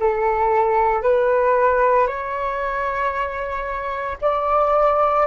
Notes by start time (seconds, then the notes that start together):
0.00 A4
1.02 B4
2.07 C#5
4.22 D5